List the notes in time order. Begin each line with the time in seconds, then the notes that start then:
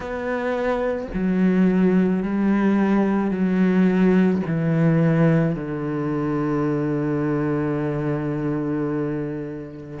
0.00 B3
1.14 F#3
2.22 G3
3.30 F#3
4.46 E3
5.55 D3